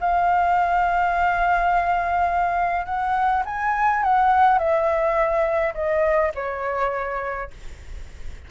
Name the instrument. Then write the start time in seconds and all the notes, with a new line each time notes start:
flute
0.00 F5
2.85 F#5
3.45 G#5
4.03 F#5
4.58 E5
5.74 D#5
6.35 C#5